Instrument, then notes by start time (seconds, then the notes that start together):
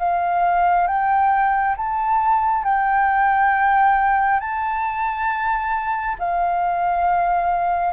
flute
0.00 F5
0.88 G5
1.77 A5
2.65 G5
4.40 A5
6.20 F5